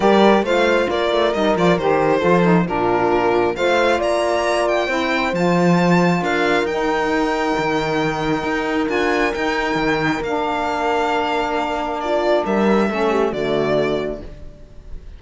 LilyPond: <<
  \new Staff \with { instrumentName = "violin" } { \time 4/4 \tempo 4 = 135 d''4 f''4 d''4 dis''8 d''8 | c''2 ais'2 | f''4 ais''4. g''4. | a''2 f''4 g''4~ |
g''1 | gis''4 g''2 f''4~ | f''2. d''4 | e''2 d''2 | }
  \new Staff \with { instrumentName = "horn" } { \time 4/4 ais'4 c''4 ais'2~ | ais'4 a'4 f'2 | c''4 d''2 c''4~ | c''2 ais'2~ |
ais'1~ | ais'1~ | ais'2. f'4 | ais'4 a'8 g'8 fis'2 | }
  \new Staff \with { instrumentName = "saxophone" } { \time 4/4 g'4 f'2 dis'8 f'8 | g'4 f'8 dis'8 d'2 | f'2. e'4 | f'2. dis'4~ |
dis'1 | f'4 dis'2 d'4~ | d'1~ | d'4 cis'4 a2 | }
  \new Staff \with { instrumentName = "cello" } { \time 4/4 g4 a4 ais8 a8 g8 f8 | dis4 f4 ais,2 | a4 ais2 c'4 | f2 d'4 dis'4~ |
dis'4 dis2 dis'4 | d'4 dis'4 dis4 ais4~ | ais1 | g4 a4 d2 | }
>>